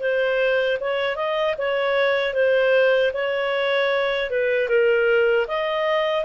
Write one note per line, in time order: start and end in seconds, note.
0.00 0.78 C5
0.80 1.16 C#5
1.16 1.55 D#5
1.58 2.34 C#5
2.34 3.12 C5
3.13 4.30 C#5
4.30 4.69 B4
4.69 5.47 A#4
5.47 6.24 D#5